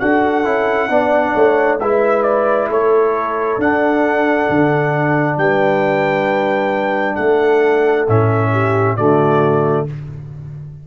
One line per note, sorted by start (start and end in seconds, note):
0.00 0.45 D4
0.00 0.45 F#4
0.00 0.90 A4
0.00 1.79 F#5
0.45 0.89 C#4
0.45 0.89 E4
0.89 1.34 B3
0.89 1.79 D4
0.89 1.35 D5
1.35 1.80 A3
1.35 1.80 C#5
1.80 2.68 G#3
1.80 3.60 E4
1.80 2.69 B4
1.80 2.23 E5
2.23 2.68 D5
2.68 3.58 A3
2.68 5.37 A4
2.68 3.61 C#5
3.58 4.48 D4
3.58 8.08 D4
3.58 5.38 F#5
4.50 5.37 D3
5.37 7.17 G3
5.37 7.16 B4
5.37 7.16 G5
7.16 8.08 A3
7.16 8.51 A4
7.16 8.06 F#5
8.08 8.98 A2
8.08 8.98 C#4
8.08 8.97 E5
8.52 8.96 G4
8.96 9.87 D3
8.96 9.87 A3
8.96 9.86 F#4
8.96 9.86 D5